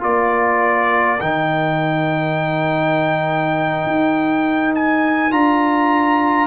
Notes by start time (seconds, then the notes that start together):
0.00 A#3 F4 A#4 D5
1.20 D#3 D#4 G5
3.86 D#4
4.75 G#5
5.31 D4 F4 A#5